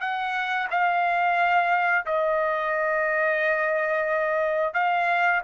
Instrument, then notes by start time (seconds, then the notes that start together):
trumpet
0.00 F#5
0.70 F5
2.05 D#5
4.73 F5